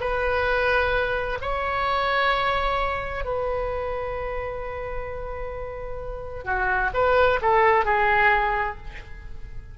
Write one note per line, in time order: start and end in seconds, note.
0.00 1.38 B4
1.41 3.24 C#5
3.24 6.44 B4
6.44 6.90 F#4
6.94 7.40 B4
7.41 7.85 A4
7.85 8.77 G#4